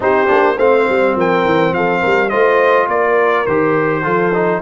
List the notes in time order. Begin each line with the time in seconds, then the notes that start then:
0.00 C4 D#4 G4 C5
0.27 A#3 D4
0.56 A3 C4 C5 F5
0.88 G3
1.15 F3 A#4 G5
1.45 E3
1.72 F3 A4 F5
2.00 G3 A#4
2.29 A3 F4 C5 D#5
2.88 A#3 A#4 D5
3.46 D#3 G4 C5
4.03 F3 F4 A4
4.33 D#4